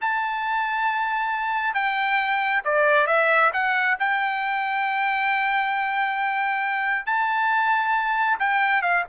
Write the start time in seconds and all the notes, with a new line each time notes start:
0.01 A5
1.73 G5
2.64 D5
3.06 E5
3.53 F#5
3.99 G5
7.06 A5
8.39 G5
8.82 F5